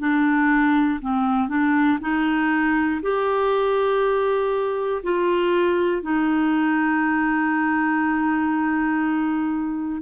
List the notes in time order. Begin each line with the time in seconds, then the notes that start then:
0.00 D4
1.01 C4
1.49 D4
2.01 D#4
3.02 G4
5.03 F4
6.02 D#4